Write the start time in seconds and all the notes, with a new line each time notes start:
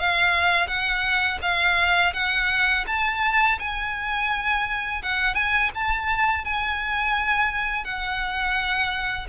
0.00 F5
0.68 F#5
1.42 F5
2.14 F#5
2.88 A5
3.60 G#5
5.03 F#5
5.35 G#5
5.75 A5
6.45 G#5
7.85 F#5